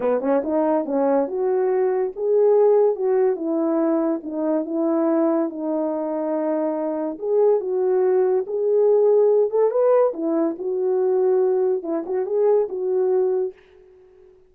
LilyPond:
\new Staff \with { instrumentName = "horn" } { \time 4/4 \tempo 4 = 142 b8 cis'8 dis'4 cis'4 fis'4~ | fis'4 gis'2 fis'4 | e'2 dis'4 e'4~ | e'4 dis'2.~ |
dis'4 gis'4 fis'2 | gis'2~ gis'8 a'8 b'4 | e'4 fis'2. | e'8 fis'8 gis'4 fis'2 | }